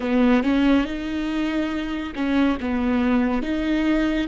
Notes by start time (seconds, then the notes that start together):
0.00 B3
0.43 C#4
0.84 D#4
2.15 C#4
2.60 B3
3.42 D#4